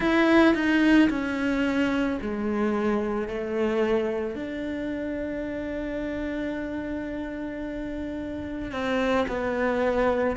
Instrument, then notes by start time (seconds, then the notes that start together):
cello
0.00 E4
0.54 D#4
1.09 C#4
2.21 G#3
3.27 A3
4.35 D4
8.71 C4
9.27 B3